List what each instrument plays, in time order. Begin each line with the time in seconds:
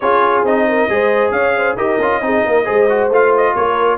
0.00 tuba C#4, trombone F4, horn G#4, trumpet C#5
0.43 tuba C4, trombone D#4, trumpet D#5
0.68 horn A#4
0.89 tuba G#3, trombone G#4, horn C5
1.31 tuba C#4, horn C#5, trumpet F5
1.56 horn C5
1.76 tuba D#4, trombone G4, horn A#4, trumpet D#5
1.99 tuba C#4, trombone F4
2.21 tuba C4, trombone D#4, horn G#4
2.45 tuba A#3, horn A#4
2.64 tuba G#3, trombone G#4, horn C5
2.89 trombone F#4
3.09 tuba A3, trombone F4, trumpet F5
3.36 trumpet D#5
3.54 tuba A#3, horn A#4, trumpet C#5